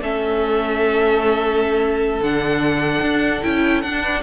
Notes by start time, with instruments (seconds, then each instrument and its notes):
0.00 cello A3, viola C#4, violin A4 E5
2.20 cello D3, viola D4, violin F#5
3.01 cello D4
3.42 cello C#4, viola E4, violin G5
3.81 viola D4, cello D4, violin F#5
4.01 violin B4